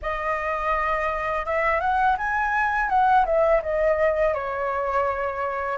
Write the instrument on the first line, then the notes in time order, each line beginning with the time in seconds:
flute
0.02 D#5
1.45 E5
1.80 F#5
2.17 G#5
2.89 F#5
3.25 E5
3.62 D#5
4.34 C#5